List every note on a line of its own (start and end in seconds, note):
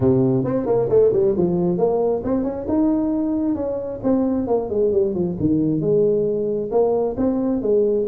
0.00 0.44 C3
0.44 0.66 C4
0.66 0.88 A#3
0.89 1.11 A3
1.12 1.35 G3
1.37 1.77 F3
1.77 2.22 A#3
2.24 2.43 C4
2.43 2.66 C#4
2.68 3.55 D#4
3.55 4.00 C#4
4.03 4.47 C4
4.47 4.69 A#3
4.69 4.91 G#3
4.92 5.14 G3
5.14 5.36 F3
5.39 5.81 D#3
5.81 6.70 G#3
6.71 7.16 A#3
7.17 7.62 C4
7.62 8.06 G#3